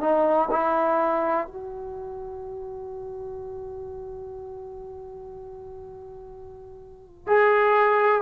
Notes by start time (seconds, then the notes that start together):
0.00 D#4
0.51 E4
1.46 F#4
7.27 G#4